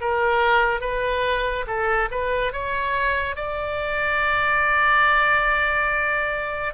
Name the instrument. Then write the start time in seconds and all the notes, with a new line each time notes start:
oboe
0.00 A#4
0.80 B4
1.66 A4
2.11 B4
2.52 C#5
3.35 D5